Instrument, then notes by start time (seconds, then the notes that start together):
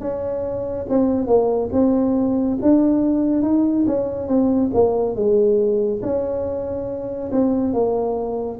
tuba
0.00 C#4
0.89 C4
1.27 A#3
1.73 C4
2.62 D4
3.42 D#4
3.87 C#4
4.28 C4
4.74 A#3
5.15 G#3
6.02 C#4
7.32 C4
7.73 A#3